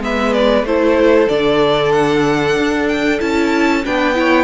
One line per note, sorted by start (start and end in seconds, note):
0.00 0.64 G#3
0.00 0.65 B3
0.00 0.68 B4
0.00 0.34 E5
0.34 0.65 D5
0.64 1.28 A3
0.64 1.29 E4
0.64 3.86 A4
0.64 1.29 C5
1.29 2.57 D3
1.29 3.20 D4
1.29 1.93 D5
1.93 2.88 F#5
2.57 3.20 D4
2.89 3.20 G5
3.20 3.86 C#4
3.20 3.84 E4
3.20 3.85 A5
3.85 4.45 B3
3.85 4.15 D4
3.85 4.17 B4
3.85 4.45 G5
4.15 4.45 E4
4.15 4.45 C#5